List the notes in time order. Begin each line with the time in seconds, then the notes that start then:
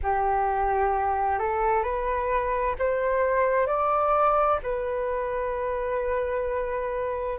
0.03 G4
1.38 A4
1.83 B4
2.79 C5
3.66 D5
4.62 B4